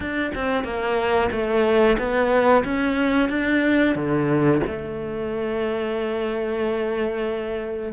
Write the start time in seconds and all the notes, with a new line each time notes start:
0.00 D4
0.34 C4
0.64 A#3
1.31 A3
1.98 B3
2.64 C#4
3.29 D4
3.95 D3
4.66 A3